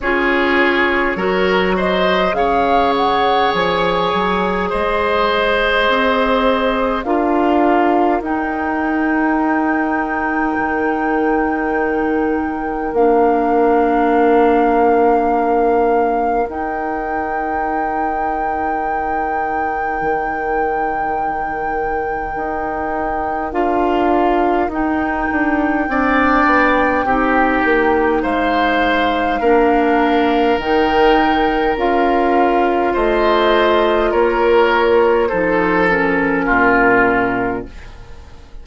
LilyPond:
<<
  \new Staff \with { instrumentName = "flute" } { \time 4/4 \tempo 4 = 51 cis''4. dis''8 f''8 fis''8 gis''4 | dis''2 f''4 g''4~ | g''2. f''4~ | f''2 g''2~ |
g''1 | f''4 g''2. | f''2 g''4 f''4 | dis''4 cis''4 c''8 ais'4. | }
  \new Staff \with { instrumentName = "oboe" } { \time 4/4 gis'4 ais'8 c''8 cis''2 | c''2 ais'2~ | ais'1~ | ais'1~ |
ais'1~ | ais'2 d''4 g'4 | c''4 ais'2. | c''4 ais'4 a'4 f'4 | }
  \new Staff \with { instrumentName = "clarinet" } { \time 4/4 f'4 fis'4 gis'2~ | gis'2 f'4 dis'4~ | dis'2. d'4~ | d'2 dis'2~ |
dis'1 | f'4 dis'4 d'4 dis'4~ | dis'4 d'4 dis'4 f'4~ | f'2 dis'8 cis'4. | }
  \new Staff \with { instrumentName = "bassoon" } { \time 4/4 cis'4 fis4 cis4 f8 fis8 | gis4 c'4 d'4 dis'4~ | dis'4 dis2 ais4~ | ais2 dis'2~ |
dis'4 dis2 dis'4 | d'4 dis'8 d'8 c'8 b8 c'8 ais8 | gis4 ais4 dis4 cis'4 | a4 ais4 f4 ais,4 | }
>>